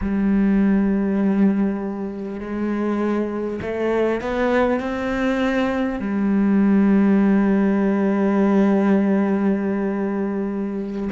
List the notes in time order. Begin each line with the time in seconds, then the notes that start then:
0.01 G3
2.39 G#3
3.61 A3
4.21 B3
4.79 C4
5.99 G3